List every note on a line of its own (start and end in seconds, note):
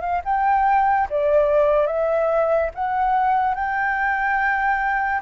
0.00 0.21 F5
0.25 1.08 G5
1.09 1.86 D5
1.86 2.70 E5
2.74 3.54 F#5
3.54 5.21 G5